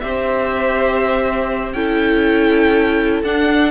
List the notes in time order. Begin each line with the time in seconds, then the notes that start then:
0.00 C4 G4 C5 E5
1.73 C#4 E4 A4 G5
3.23 D4 F#5